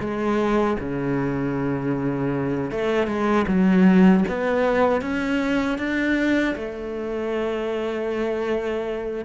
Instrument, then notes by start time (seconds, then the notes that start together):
cello
0.00 G#3
0.79 C#3
2.71 A3
3.07 G#3
3.47 F#3
4.28 B3
5.01 C#4
5.78 D4
6.55 A3